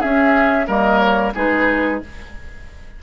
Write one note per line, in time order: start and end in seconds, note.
0.00 0.66 C#4
0.00 0.67 C#4
0.00 0.66 G#4
0.00 0.68 E5
0.66 1.33 G3
0.66 1.32 A#3
0.66 1.33 A#4
0.66 0.99 D#5
0.99 1.32 C#5
1.34 2.02 G#3
1.34 2.01 D#4
1.34 2.00 G#4
1.34 2.02 B4